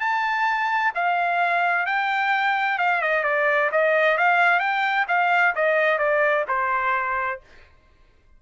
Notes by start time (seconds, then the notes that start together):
0.00 A5
0.94 F5
1.86 G5
2.78 F5
3.01 D#5
3.23 D5
3.71 D#5
4.17 F5
4.59 G5
5.08 F5
5.55 D#5
5.98 D5
6.48 C5